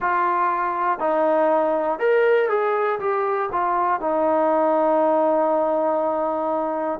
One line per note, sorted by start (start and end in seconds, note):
0.00 0.99 F4
0.99 1.99 D#4
1.99 2.49 A#4
2.49 2.99 G#4
2.99 3.49 G4
3.52 4.00 F4
4.00 7.00 D#4